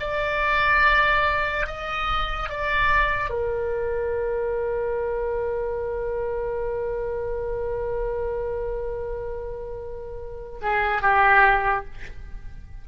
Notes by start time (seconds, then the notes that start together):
0.00 D5
1.67 D#5
2.49 D5
3.30 A#4
10.62 G#4
11.02 G4